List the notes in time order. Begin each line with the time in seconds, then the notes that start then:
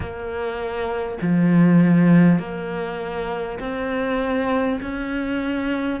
0.00 A#3
1.21 F3
2.38 A#3
3.59 C4
4.81 C#4